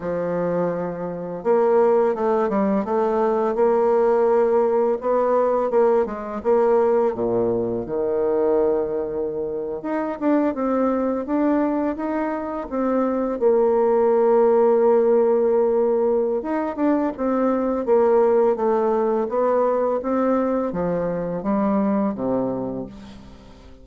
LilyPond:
\new Staff \with { instrumentName = "bassoon" } { \time 4/4 \tempo 4 = 84 f2 ais4 a8 g8 | a4 ais2 b4 | ais8 gis8 ais4 ais,4 dis4~ | dis4.~ dis16 dis'8 d'8 c'4 d'16~ |
d'8. dis'4 c'4 ais4~ ais16~ | ais2. dis'8 d'8 | c'4 ais4 a4 b4 | c'4 f4 g4 c4 | }